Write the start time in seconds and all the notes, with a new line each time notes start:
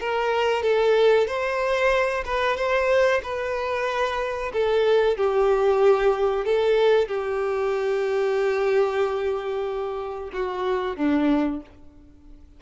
0.00 A#4
0.63 A4
1.27 C5
2.26 B4
2.57 C5
3.23 B4
4.53 A4
5.17 G4
6.45 A4
7.08 G4
10.33 F#4
10.96 D4